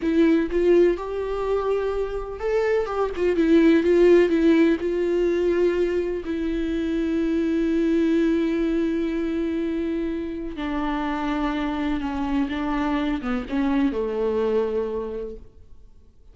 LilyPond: \new Staff \with { instrumentName = "viola" } { \time 4/4 \tempo 4 = 125 e'4 f'4 g'2~ | g'4 a'4 g'8 f'8 e'4 | f'4 e'4 f'2~ | f'4 e'2.~ |
e'1~ | e'2 d'2~ | d'4 cis'4 d'4. b8 | cis'4 a2. | }